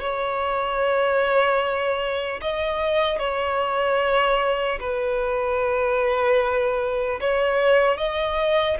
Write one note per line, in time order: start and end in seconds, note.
0.00 2.40 C#5
2.41 3.18 D#5
3.18 4.78 C#5
4.80 7.20 B4
7.20 7.97 C#5
7.97 8.77 D#5